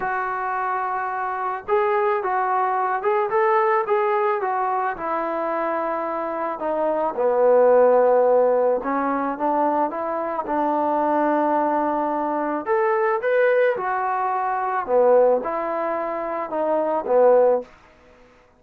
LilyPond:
\new Staff \with { instrumentName = "trombone" } { \time 4/4 \tempo 4 = 109 fis'2. gis'4 | fis'4. gis'8 a'4 gis'4 | fis'4 e'2. | dis'4 b2. |
cis'4 d'4 e'4 d'4~ | d'2. a'4 | b'4 fis'2 b4 | e'2 dis'4 b4 | }